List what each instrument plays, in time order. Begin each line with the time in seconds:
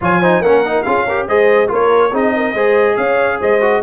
0.01 tuba F3, trombone F4, horn C#5, trumpet G#5
0.20 trombone D#4, horn C5
0.41 tuba A#3, trombone C#4, horn A#4, trumpet F#5
0.65 trombone D#4
0.83 tuba C#4, trombone F4, horn G#4, trumpet F5
1.06 trombone G4, horn A#4
1.27 tuba G#3, trombone G#4, horn C5, trumpet D#5
1.67 tuba A#3, trombone F4, horn A#4, trumpet C#5
2.11 tuba C4, trombone D#4, horn G#4, trumpet D#5
2.36 horn A#4
2.53 tuba G#3, trombone G#4, horn C5
2.97 tuba C#4, horn C#5, trumpet F5
3.39 tuba G#3, horn C5, trumpet D#5
3.61 trombone F#4